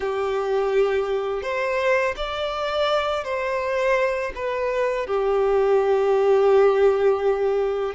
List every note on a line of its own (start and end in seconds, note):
0.00 1.42 G4
1.42 2.15 C5
2.16 3.24 D5
3.24 4.32 C5
4.35 5.06 B4
5.06 7.94 G4